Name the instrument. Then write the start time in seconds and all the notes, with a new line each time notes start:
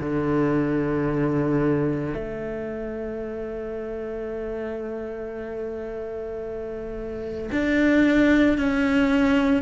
cello
0.00 D3
2.14 A3
7.52 D4
8.58 C#4